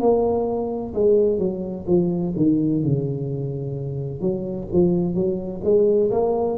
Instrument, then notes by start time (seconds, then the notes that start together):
tuba
0.00 A#3
0.94 G#3
1.38 F#3
1.87 F3
2.37 D#3
2.83 C#3
4.21 F#3
4.73 F3
5.14 F#3
5.63 G#3
6.11 A#3